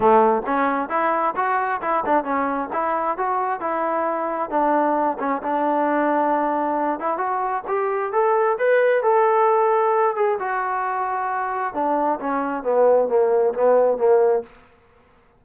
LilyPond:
\new Staff \with { instrumentName = "trombone" } { \time 4/4 \tempo 4 = 133 a4 cis'4 e'4 fis'4 | e'8 d'8 cis'4 e'4 fis'4 | e'2 d'4. cis'8 | d'2.~ d'8 e'8 |
fis'4 g'4 a'4 b'4 | a'2~ a'8 gis'8 fis'4~ | fis'2 d'4 cis'4 | b4 ais4 b4 ais4 | }